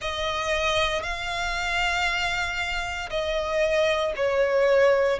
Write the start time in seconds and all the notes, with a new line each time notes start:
0.01 D#5
1.03 F5
3.09 D#5
4.16 C#5